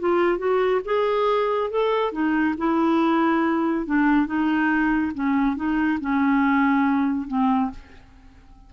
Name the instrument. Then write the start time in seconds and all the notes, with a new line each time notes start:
clarinet
0.00 F4
0.39 F#4
0.85 G#4
1.71 A4
2.12 D#4
2.58 E4
3.86 D4
4.27 D#4
5.15 C#4
5.56 D#4
6.01 C#4
7.28 C4